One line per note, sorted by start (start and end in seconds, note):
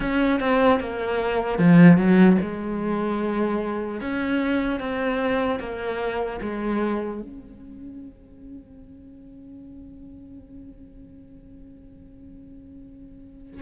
0.00 0.40 C#4
0.40 0.80 C4
0.80 1.58 A#3
1.58 1.97 F3
1.97 2.37 F#3
2.41 4.00 G#3
4.00 4.80 C#4
4.80 5.59 C4
5.59 6.39 A#3
6.41 7.21 G#3
7.21 13.61 C#4